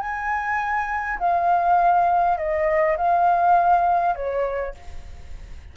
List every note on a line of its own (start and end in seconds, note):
0.00 1.19 G#5
1.19 2.37 F5
2.37 2.97 D#5
2.97 4.15 F5
4.15 4.74 C#5